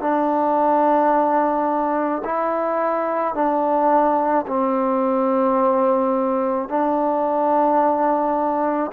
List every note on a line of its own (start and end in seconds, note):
0.00 2.22 D4
2.24 3.34 E4
3.34 4.45 D4
4.47 6.68 C4
6.68 8.90 D4